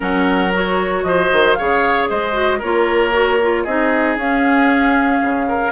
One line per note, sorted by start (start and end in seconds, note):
0.00 1.03 F#3
0.00 0.50 C#4
0.00 1.03 A#4
0.00 0.53 F#5
0.53 1.57 F#4
0.53 1.03 C#5
1.03 1.29 F3
1.03 1.58 C5
1.03 1.53 D#5
1.32 1.58 D#3
1.53 2.10 C#3
1.53 2.32 G#4
1.53 2.09 C#5
1.53 2.06 F5
2.09 2.62 G#3
2.09 2.58 C5
2.09 2.61 D#5
2.32 2.59 F#4
2.58 3.65 A#3
2.58 3.12 F4
2.58 3.63 A#4
2.58 3.64 C#5
3.12 3.38 F#4
3.41 3.67 F4
3.63 4.16 C4
3.63 4.18 D#4
3.63 5.46 G#4
3.63 4.16 D#5
4.16 5.20 C#4
4.16 5.72 C#4
4.16 5.72 F5
5.22 5.72 C#3
5.48 5.72 A#4